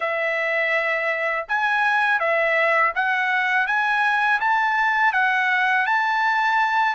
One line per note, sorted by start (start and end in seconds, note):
0.00 1.46 E5
1.48 2.19 G#5
2.19 2.92 E5
2.95 3.66 F#5
3.66 4.39 G#5
4.40 5.12 A5
5.12 5.85 F#5
5.85 6.95 A5